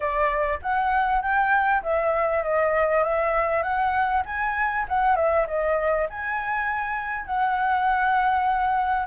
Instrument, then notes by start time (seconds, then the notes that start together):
flute
0.00 D5
0.62 F#5
1.21 G5
1.83 E5
2.43 D#5
3.03 E5
3.62 F#5
4.25 G#5
4.88 F#5
5.16 E5
5.47 D#5
6.09 G#5
7.25 F#5